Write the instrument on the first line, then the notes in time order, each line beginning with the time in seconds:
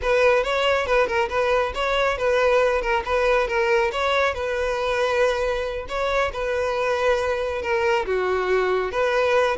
violin
0.01 B4
0.43 C#5
0.86 B4
1.07 A#4
1.29 B4
1.74 C#5
2.17 B4
2.81 A#4
3.05 B4
3.47 A#4
3.92 C#5
4.33 B4
5.88 C#5
6.32 B4
7.62 A#4
8.06 F#4
8.91 B4